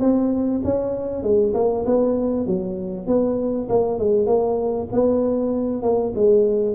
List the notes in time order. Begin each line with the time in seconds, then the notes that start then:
0.00 C4
0.64 C#4
1.23 G#3
1.54 A#3
1.85 B3
2.46 F#3
3.07 B3
3.69 A#3
3.99 G#3
4.27 A#3
4.92 B3
5.82 A#3
6.15 G#3